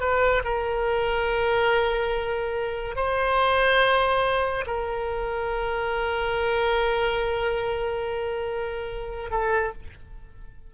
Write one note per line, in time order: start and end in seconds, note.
0.00 0.42 B4
0.44 2.96 A#4
2.96 4.65 C5
4.66 9.30 A#4
9.30 9.73 A4